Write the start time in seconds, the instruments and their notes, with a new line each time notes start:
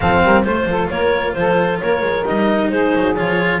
0.00 double bass F3, cello C4, saxophone A4, clarinet F5
0.23 double bass G3, saxophone A#4
0.42 double bass A3, cello F4, clarinet C5, saxophone C5
0.65 double bass F3, saxophone A4
0.90 double bass A#3, saxophone A#4, clarinet C#5
1.33 double bass F3, saxophone A4, clarinet C5
1.80 double bass A#3, saxophone A#4, clarinet C#5
2.00 double bass G#3
2.25 double bass G3, cello D#4, clarinet D#5
2.69 double bass G#3, saxophone G#4, clarinet C5
2.95 double bass F#3
3.16 double bass F3, cello F4, clarinet C#5